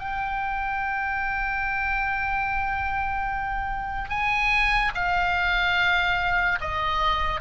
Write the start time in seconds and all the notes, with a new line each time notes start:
0.00 G5
4.10 G#5
4.95 F5
6.61 D#5